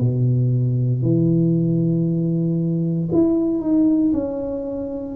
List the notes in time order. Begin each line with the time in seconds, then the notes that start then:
0.00 B2
1.02 E3
3.12 E4
3.60 D#4
4.13 C#4